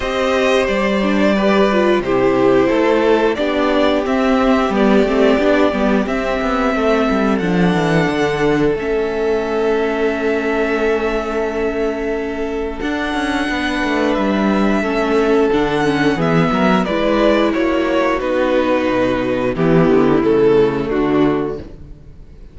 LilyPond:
<<
  \new Staff \with { instrumentName = "violin" } { \time 4/4 \tempo 4 = 89 dis''4 d''2 c''4~ | c''4 d''4 e''4 d''4~ | d''4 e''2 fis''4~ | fis''4 e''2.~ |
e''2. fis''4~ | fis''4 e''2 fis''4 | e''4 d''4 cis''4 b'4~ | b'4 g'4 a'4 fis'4 | }
  \new Staff \with { instrumentName = "violin" } { \time 4/4 c''2 b'4 g'4 | a'4 g'2.~ | g'2 a'2~ | a'1~ |
a'1 | b'2 a'2 | gis'8 ais'8 b'4 fis'2~ | fis'4 e'2 d'4 | }
  \new Staff \with { instrumentName = "viola" } { \time 4/4 g'4. d'8 g'8 f'8 e'4~ | e'4 d'4 c'4 b8 c'8 | d'8 b8 c'2 d'4~ | d'4 cis'2.~ |
cis'2. d'4~ | d'2 cis'4 d'8 cis'8 | b4 e'2 dis'4~ | dis'4 b4 a2 | }
  \new Staff \with { instrumentName = "cello" } { \time 4/4 c'4 g2 c4 | a4 b4 c'4 g8 a8 | b8 g8 c'8 b8 a8 g8 f8 e8 | d4 a2.~ |
a2. d'8 cis'8 | b8 a8 g4 a4 d4 | e8 fis8 gis4 ais4 b4 | b,4 e8 d8 cis4 d4 | }
>>